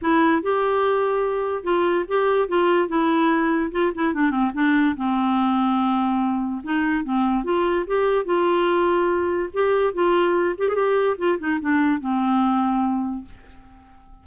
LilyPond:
\new Staff \with { instrumentName = "clarinet" } { \time 4/4 \tempo 4 = 145 e'4 g'2. | f'4 g'4 f'4 e'4~ | e'4 f'8 e'8 d'8 c'8 d'4 | c'1 |
dis'4 c'4 f'4 g'4 | f'2. g'4 | f'4. g'16 gis'16 g'4 f'8 dis'8 | d'4 c'2. | }